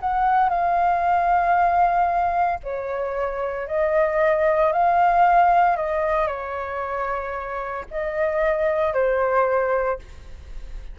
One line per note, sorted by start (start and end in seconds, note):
0.00 0.49 F#5
0.49 2.60 F5
2.64 3.67 C#5
3.67 4.73 D#5
4.73 5.77 F5
5.77 6.27 D#5
6.27 7.85 C#5
7.91 8.94 D#5
8.94 9.99 C5